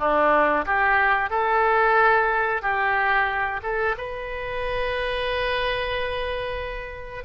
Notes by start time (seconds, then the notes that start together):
0.00 D4
0.66 G4
1.30 A4
2.62 G4
3.63 A4
3.98 B4